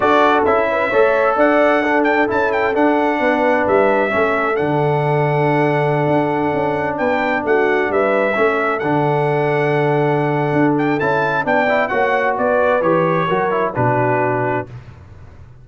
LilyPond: <<
  \new Staff \with { instrumentName = "trumpet" } { \time 4/4 \tempo 4 = 131 d''4 e''2 fis''4~ | fis''8 g''8 a''8 g''8 fis''2 | e''2 fis''2~ | fis''2.~ fis''16 g''8.~ |
g''16 fis''4 e''2 fis''8.~ | fis''2.~ fis''8 g''8 | a''4 g''4 fis''4 d''4 | cis''2 b'2 | }
  \new Staff \with { instrumentName = "horn" } { \time 4/4 a'4. b'8 cis''4 d''4 | a'2. b'4~ | b'4 a'2.~ | a'2.~ a'16 b'8.~ |
b'16 fis'4 b'4 a'4.~ a'16~ | a'1~ | a'4 d''4 cis''4 b'4~ | b'4 ais'4 fis'2 | }
  \new Staff \with { instrumentName = "trombone" } { \time 4/4 fis'4 e'4 a'2 | d'4 e'4 d'2~ | d'4 cis'4 d'2~ | d'1~ |
d'2~ d'16 cis'4 d'8.~ | d'1 | e'4 d'8 e'8 fis'2 | g'4 fis'8 e'8 d'2 | }
  \new Staff \with { instrumentName = "tuba" } { \time 4/4 d'4 cis'4 a4 d'4~ | d'4 cis'4 d'4 b4 | g4 a4 d2~ | d4~ d16 d'4 cis'4 b8.~ |
b16 a4 g4 a4 d8.~ | d2. d'4 | cis'4 b4 ais4 b4 | e4 fis4 b,2 | }
>>